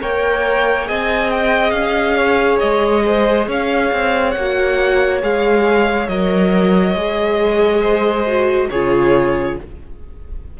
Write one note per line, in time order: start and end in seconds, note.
0.00 0.89 A#3
0.00 0.84 A#4
0.00 0.87 C#5
0.00 0.88 G5
0.84 1.71 C4
0.84 4.32 G#4
0.84 2.16 D#5
0.84 1.30 G#5
1.30 1.70 G5
1.70 2.58 C#4
1.70 2.57 F5
2.16 3.03 C#5
2.59 3.47 G#3
2.59 3.46 D#5
3.05 3.48 C5
3.47 3.91 C#4
3.47 7.80 C#5
3.47 4.31 F5
3.92 4.35 C4
4.31 5.22 A#3
4.31 5.18 F#5
4.39 5.22 F#4
5.22 6.08 G#3
5.22 6.09 G#4
5.22 6.08 F5
6.08 6.95 F#3
6.08 6.96 A#4
6.08 8.68 D#5
6.95 8.68 G#3
6.95 8.26 G#4
7.80 8.67 C5
8.27 8.70 F#4
8.70 9.58 C#3
8.70 9.60 F4
8.70 9.57 G#4
8.70 9.57 C#5